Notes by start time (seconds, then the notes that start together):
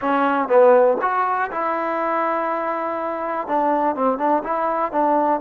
0.01 C#4
0.48 B3
1.01 F#4
1.51 E4
3.47 D4
3.95 C4
4.18 D4
4.43 E4
4.92 D4